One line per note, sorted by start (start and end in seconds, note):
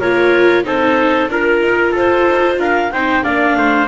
0.00 0.65 A#3
0.00 0.64 F4
0.00 0.65 A#4
0.00 0.65 C#5
0.64 1.28 C4
0.64 1.28 D#4
0.64 1.31 A4
0.64 1.30 C5
1.28 1.60 D4
1.28 2.91 F4
1.28 1.95 A#4
1.28 1.91 A#4
1.61 1.93 D#4
1.91 2.27 F4
1.91 2.56 A4
1.91 2.59 C5
2.27 2.58 D#4
2.58 2.90 D4
2.58 2.92 A#4
2.58 2.91 F5
2.91 3.23 C4
2.91 3.23 D#4
2.91 3.23 C5
2.91 3.23 G5
3.23 3.57 A#3
3.23 3.87 D4
3.23 3.56 D5
3.23 3.88 F5
3.57 3.88 A3
3.57 3.88 C5